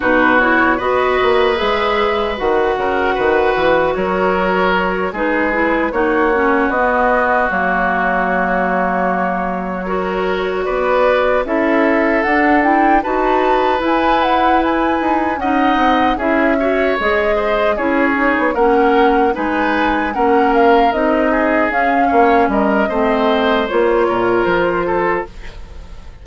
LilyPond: <<
  \new Staff \with { instrumentName = "flute" } { \time 4/4 \tempo 4 = 76 b'8 cis''8 dis''4 e''4 fis''4~ | fis''4 cis''4. b'4 cis''8~ | cis''8 dis''4 cis''2~ cis''8~ | cis''4. d''4 e''4 fis''8 |
g''8 a''4 gis''8 fis''8 gis''4 fis''8~ | fis''8 e''4 dis''4 cis''4 fis''8~ | fis''8 gis''4 fis''8 f''8 dis''4 f''8~ | f''8 dis''4. cis''4 c''4 | }
  \new Staff \with { instrumentName = "oboe" } { \time 4/4 fis'4 b'2~ b'8 ais'8 | b'4 ais'4. gis'4 fis'8~ | fis'1~ | fis'8 ais'4 b'4 a'4.~ |
a'8 b'2. dis''8~ | dis''8 gis'8 cis''4 c''8 gis'4 ais'8~ | ais'8 b'4 ais'4. gis'4 | cis''8 ais'8 c''4. ais'4 a'8 | }
  \new Staff \with { instrumentName = "clarinet" } { \time 4/4 dis'8 e'8 fis'4 gis'4 fis'4~ | fis'2~ fis'8 dis'8 e'8 dis'8 | cis'8 b4 ais2~ ais8~ | ais8 fis'2 e'4 d'8 |
e'8 fis'4 e'2 dis'8~ | dis'8 e'8 fis'8 gis'4 e'8 dis'8 cis'8~ | cis'8 dis'4 cis'4 dis'4 cis'8~ | cis'4 c'4 f'2 | }
  \new Staff \with { instrumentName = "bassoon" } { \time 4/4 b,4 b8 ais8 gis4 dis8 cis8 | dis8 e8 fis4. gis4 ais8~ | ais8 b4 fis2~ fis8~ | fis4. b4 cis'4 d'8~ |
d'8 dis'4 e'4. dis'8 cis'8 | c'8 cis'4 gis4 cis'8. b16 ais8~ | ais8 gis4 ais4 c'4 cis'8 | ais8 g8 a4 ais8 ais,8 f4 | }
>>